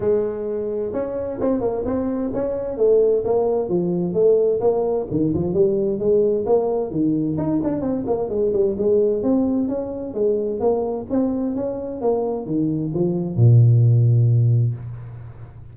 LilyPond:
\new Staff \with { instrumentName = "tuba" } { \time 4/4 \tempo 4 = 130 gis2 cis'4 c'8 ais8 | c'4 cis'4 a4 ais4 | f4 a4 ais4 dis8 f8 | g4 gis4 ais4 dis4 |
dis'8 d'8 c'8 ais8 gis8 g8 gis4 | c'4 cis'4 gis4 ais4 | c'4 cis'4 ais4 dis4 | f4 ais,2. | }